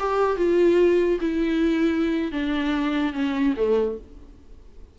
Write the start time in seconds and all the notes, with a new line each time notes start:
0.00 G4
0.37 F4
1.21 E4
2.32 D4
3.14 C#4
3.57 A3